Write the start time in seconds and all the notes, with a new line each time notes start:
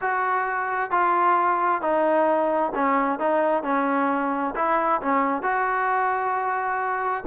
0.01 F#4
0.90 F4
1.81 D#4
2.74 C#4
3.19 D#4
3.63 C#4
4.55 E4
5.01 C#4
5.42 F#4